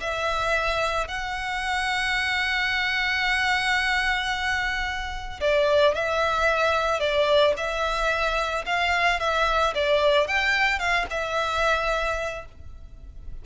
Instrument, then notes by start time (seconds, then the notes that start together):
violin
0.00 E5
1.07 F#5
5.40 D5
5.94 E5
6.99 D5
7.57 E5
8.65 F5
9.19 E5
9.74 D5
10.27 G5
10.78 F5
11.10 E5